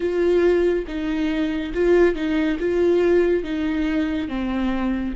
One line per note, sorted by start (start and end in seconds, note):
0.00 0.85 F4
0.86 1.72 D#4
1.74 2.15 F4
2.15 2.58 D#4
2.59 3.43 F4
3.43 4.28 D#4
4.28 5.14 C4